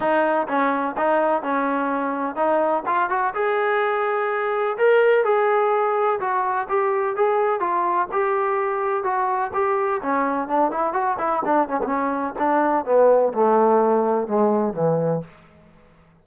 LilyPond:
\new Staff \with { instrumentName = "trombone" } { \time 4/4 \tempo 4 = 126 dis'4 cis'4 dis'4 cis'4~ | cis'4 dis'4 f'8 fis'8 gis'4~ | gis'2 ais'4 gis'4~ | gis'4 fis'4 g'4 gis'4 |
f'4 g'2 fis'4 | g'4 cis'4 d'8 e'8 fis'8 e'8 | d'8 cis'16 b16 cis'4 d'4 b4 | a2 gis4 e4 | }